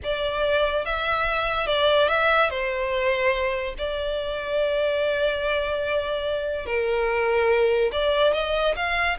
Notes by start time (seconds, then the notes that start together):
0.03 D5
0.85 E5
1.66 D5
2.08 E5
2.49 C5
3.78 D5
6.66 A#4
7.91 D5
8.33 D#5
8.75 F5